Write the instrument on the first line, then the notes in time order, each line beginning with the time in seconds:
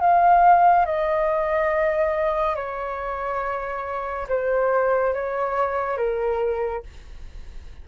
flute
0.00 F5
0.86 D#5
2.56 C#5
4.28 C5
5.14 C#5
5.97 A#4